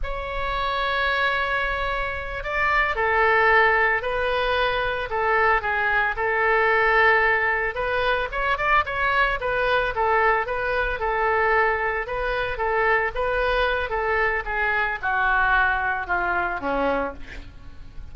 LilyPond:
\new Staff \with { instrumentName = "oboe" } { \time 4/4 \tempo 4 = 112 cis''1~ | cis''8 d''4 a'2 b'8~ | b'4. a'4 gis'4 a'8~ | a'2~ a'8 b'4 cis''8 |
d''8 cis''4 b'4 a'4 b'8~ | b'8 a'2 b'4 a'8~ | a'8 b'4. a'4 gis'4 | fis'2 f'4 cis'4 | }